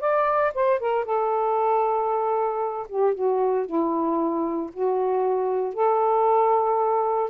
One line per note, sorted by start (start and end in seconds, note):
0.00 0.52 D5
0.54 0.79 C5
0.79 1.05 A#4
1.05 2.87 A4
2.88 3.14 G4
3.14 3.66 F#4
3.66 4.70 E4
4.73 5.74 F#4
5.74 7.30 A4